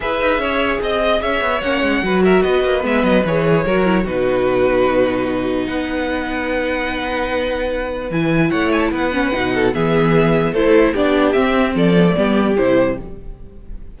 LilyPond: <<
  \new Staff \with { instrumentName = "violin" } { \time 4/4 \tempo 4 = 148 e''2 dis''4 e''4 | fis''4. e''8 dis''4 e''8 dis''8 | cis''2 b'2~ | b'2 fis''2~ |
fis''1 | gis''4 fis''8 gis''16 a''16 fis''2 | e''2 c''4 d''4 | e''4 d''2 c''4 | }
  \new Staff \with { instrumentName = "violin" } { \time 4/4 b'4 cis''4 dis''4 cis''4~ | cis''4 b'8 ais'8 b'2~ | b'4 ais'4 fis'2~ | fis'2 b'2~ |
b'1~ | b'4 cis''4 b'4. a'8 | gis'2 a'4 g'4~ | g'4 a'4 g'2 | }
  \new Staff \with { instrumentName = "viola" } { \time 4/4 gis'1 | cis'4 fis'2 b4 | gis'4 fis'8 e'8 dis'2~ | dis'1~ |
dis'1 | e'2~ e'8 cis'8 dis'4 | b2 e'4 d'4 | c'4. b16 a16 b4 e'4 | }
  \new Staff \with { instrumentName = "cello" } { \time 4/4 e'8 dis'8 cis'4 c'4 cis'8 b8 | ais8 gis8 fis4 b8 ais8 gis8 fis8 | e4 fis4 b,2~ | b,2 b2~ |
b1 | e4 a4 b4 b,4 | e2 a4 b4 | c'4 f4 g4 c4 | }
>>